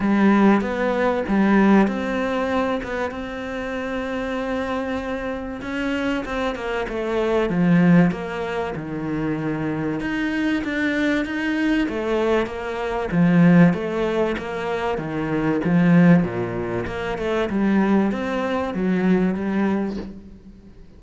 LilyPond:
\new Staff \with { instrumentName = "cello" } { \time 4/4 \tempo 4 = 96 g4 b4 g4 c'4~ | c'8 b8 c'2.~ | c'4 cis'4 c'8 ais8 a4 | f4 ais4 dis2 |
dis'4 d'4 dis'4 a4 | ais4 f4 a4 ais4 | dis4 f4 ais,4 ais8 a8 | g4 c'4 fis4 g4 | }